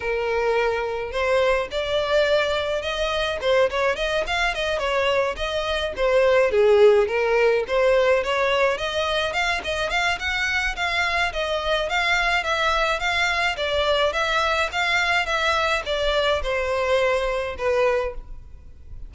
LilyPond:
\new Staff \with { instrumentName = "violin" } { \time 4/4 \tempo 4 = 106 ais'2 c''4 d''4~ | d''4 dis''4 c''8 cis''8 dis''8 f''8 | dis''8 cis''4 dis''4 c''4 gis'8~ | gis'8 ais'4 c''4 cis''4 dis''8~ |
dis''8 f''8 dis''8 f''8 fis''4 f''4 | dis''4 f''4 e''4 f''4 | d''4 e''4 f''4 e''4 | d''4 c''2 b'4 | }